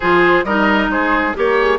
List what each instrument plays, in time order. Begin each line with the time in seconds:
0.00 bassoon F3, clarinet F4, oboe G#4, flute C5
0.44 bassoon G3, clarinet D#4, oboe A#4, flute D#5
0.88 bassoon G#3, oboe G#4, flute C5
1.34 bassoon A#3, clarinet G4, flute A#4, oboe C#5
1.58 flute G#4